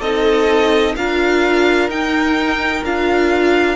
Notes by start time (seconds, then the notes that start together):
0.00 C4 D#4 A4 D#5
0.95 D4 F4 A#4 F5
1.89 D#4 G5
2.84 D4 F4 F5